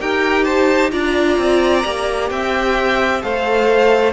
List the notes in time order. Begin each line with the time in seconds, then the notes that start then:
0.00 D#4 G4 A#4 G5
0.45 C5 A5
0.91 D4 F4 D5 A#5
1.38 C4
1.85 A#3 G4
2.30 C4 E5 G5
3.22 A3 A4 C5 F5